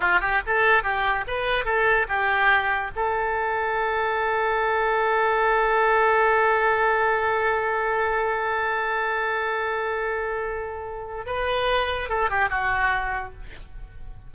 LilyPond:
\new Staff \with { instrumentName = "oboe" } { \time 4/4 \tempo 4 = 144 f'8 g'8 a'4 g'4 b'4 | a'4 g'2 a'4~ | a'1~ | a'1~ |
a'1~ | a'1~ | a'2. b'4~ | b'4 a'8 g'8 fis'2 | }